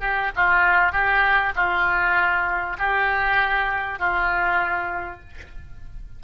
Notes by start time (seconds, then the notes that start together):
0.00 G4
0.35 F4
0.92 G4
1.55 F4
2.79 G4
3.99 F4